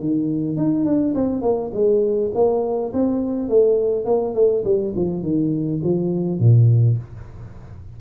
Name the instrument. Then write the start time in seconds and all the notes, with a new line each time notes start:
tuba
0.00 D#3
0.56 D#4
0.84 D4
1.15 C4
1.41 A#3
1.73 G#3
2.34 A#3
2.93 C4
3.48 A3
4.05 A#3
4.34 A3
4.64 G3
4.95 F3
5.22 D#3
5.83 F3
6.39 A#2